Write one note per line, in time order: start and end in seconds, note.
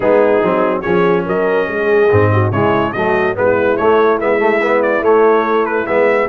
0.00 0.41 G#3
0.00 0.42 B3
0.00 0.82 D#4
0.00 0.81 G#4
0.43 0.85 F#3
0.43 0.83 C4
0.81 1.27 F3
0.81 2.08 C#4
0.81 1.24 G#4
0.81 1.23 C#5
1.26 1.67 F#3
1.26 1.68 A#4
1.26 2.51 D#5
1.67 2.09 G#3
1.67 2.31 G#4
2.10 2.51 G#2
2.10 2.52 C4
2.32 2.52 F#4
2.51 2.93 C#3
2.51 2.95 G#3
2.51 2.94 E4
2.51 2.92 C#5
2.92 3.37 F#3
2.92 3.34 A3
2.92 3.37 F#4
2.92 3.34 D#5
3.34 3.79 G#3
3.34 3.76 B3
3.34 6.28 E4
3.34 3.76 B4
3.76 4.20 A3
3.76 4.18 C#5
4.20 5.01 G#3
4.20 4.39 B3
4.20 4.82 E5
4.39 4.60 A3
4.61 5.03 B3
4.82 5.03 D5
5.01 5.85 A3
5.01 5.86 A3
5.01 5.65 C#5
5.65 5.86 B4
5.86 6.28 G#3
5.86 6.28 B3
5.86 6.28 E5